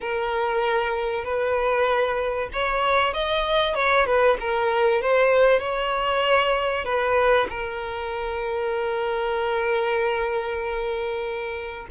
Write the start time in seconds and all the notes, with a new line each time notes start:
0.00 A#4
1.24 B4
2.52 C#5
3.13 D#5
3.74 C#5
4.06 B4
4.40 A#4
5.01 C5
5.59 C#5
6.84 B4
7.49 A#4